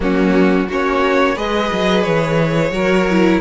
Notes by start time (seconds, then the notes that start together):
0.00 F#3 A#3 C#4 F#4
0.68 A#3 C#4 F#4 C#5
1.34 G#3 G#4 B4 D#5
1.72 F#3
2.03 E3 C#5
2.70 F#3 F#4 A#4
3.10 E4